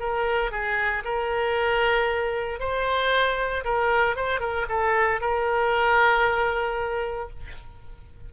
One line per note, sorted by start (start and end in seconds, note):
0.00 0.51 A#4
0.51 1.04 G#4
1.05 2.60 A#4
2.60 3.64 C5
3.65 4.16 A#4
4.16 4.40 C5
4.40 4.66 A#4
4.69 5.21 A4
5.21 7.30 A#4